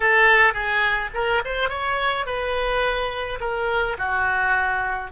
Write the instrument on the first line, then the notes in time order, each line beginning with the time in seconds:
oboe
0.00 A4
0.53 G#4
1.14 A#4
1.45 C5
1.69 C#5
2.25 B4
3.40 A#4
3.98 F#4